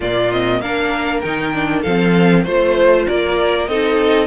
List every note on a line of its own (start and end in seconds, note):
0.00 0.61 A#2
0.00 0.29 A#3
0.00 0.58 F4
0.00 0.31 D5
0.31 0.62 C4
0.31 0.61 D#5
0.61 1.22 A#3
0.61 1.24 D4
0.61 1.81 A#4
0.61 1.20 F5
1.20 1.85 D#3
1.20 1.53 D#4
1.20 1.82 G5
1.53 1.83 D4
1.81 2.46 F3
1.81 2.46 C4
1.81 2.43 A4
1.81 2.43 F5
2.43 3.07 A3
2.43 3.68 F4
2.43 3.04 C5
2.43 3.07 C5
3.07 3.67 A#3
3.07 3.69 A#4
3.07 3.67 D5
3.67 4.27 C4
3.67 4.27 D#4
3.67 4.27 A4
3.67 4.27 D#5